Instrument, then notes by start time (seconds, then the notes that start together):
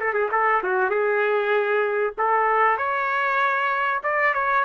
trumpet
0.00 A4
0.14 G#4
0.32 A4
0.64 F#4
0.90 G#4
2.18 A4
2.78 C#5
4.04 D5
4.34 C#5